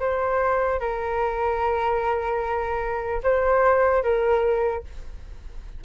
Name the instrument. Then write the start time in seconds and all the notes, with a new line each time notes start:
flute
0.00 C5
0.80 A#4
3.23 C5
4.03 A#4